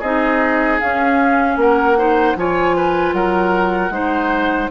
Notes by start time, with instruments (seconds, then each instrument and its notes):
0.00 bassoon C4, clarinet D#4, oboe G#4, flute D#5
0.80 clarinet C#4, bassoon C#4, flute F5
1.57 bassoon A#3, oboe A#4, flute F#5
1.98 clarinet D#4, oboe C5
2.36 bassoon F3, clarinet F4, oboe C#5, flute G#5
2.77 oboe B4
3.13 bassoon F#3, oboe A#4, flute F#5
3.90 bassoon G#3, clarinet D#4, oboe C5